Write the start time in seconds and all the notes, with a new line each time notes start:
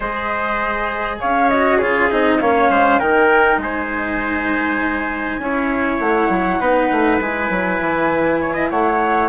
0.00 G#3 G#4 C5 D#5
1.20 C#4 C#5 F5
1.49 F#4 D#5
1.77 C#3 F4 G#4 C#5
2.10 C4 D#4 D#5
2.40 A#3 C#4 C#5 F5
2.69 G#3 C5
2.99 D#3 D#4 A#4 G5
3.57 G#3 C5 G#5
5.38 C#4 E4 C#5
5.99 A3 F#5
6.29 F#3
6.59 B3 D#4 B4
6.91 A3
7.20 G#3 E4 G#5
7.49 F#3
7.80 E3
8.41 C#5
8.53 D#5
8.70 A3 C#5 F#5